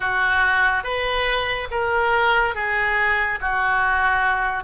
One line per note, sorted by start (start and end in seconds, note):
0.00 0.83 F#4
0.83 1.68 B4
1.70 2.54 A#4
2.54 3.39 G#4
3.40 4.63 F#4